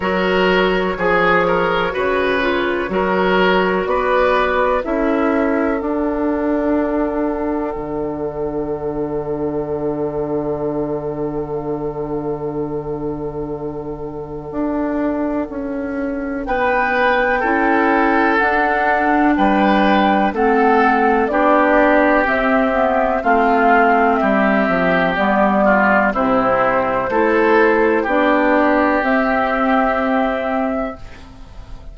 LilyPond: <<
  \new Staff \with { instrumentName = "flute" } { \time 4/4 \tempo 4 = 62 cis''1 | d''4 e''4 fis''2~ | fis''1~ | fis''1~ |
fis''4 g''2 fis''4 | g''4 fis''4 d''4 e''4 | f''4 e''4 d''4 c''4~ | c''4 d''4 e''2 | }
  \new Staff \with { instrumentName = "oboe" } { \time 4/4 ais'4 gis'8 ais'8 b'4 ais'4 | b'4 a'2.~ | a'1~ | a'1~ |
a'4 b'4 a'2 | b'4 a'4 g'2 | f'4 g'4. f'8 e'4 | a'4 g'2. | }
  \new Staff \with { instrumentName = "clarinet" } { \time 4/4 fis'4 gis'4 fis'8 f'8 fis'4~ | fis'4 e'4 d'2~ | d'1~ | d'1~ |
d'2 e'4 d'4~ | d'4 c'4 d'4 c'8 b8 | c'2 b4 c'4 | e'4 d'4 c'2 | }
  \new Staff \with { instrumentName = "bassoon" } { \time 4/4 fis4 f4 cis4 fis4 | b4 cis'4 d'2 | d1~ | d2. d'4 |
cis'4 b4 cis'4 d'4 | g4 a4 b4 c'4 | a4 g8 f8 g4 c4 | a4 b4 c'2 | }
>>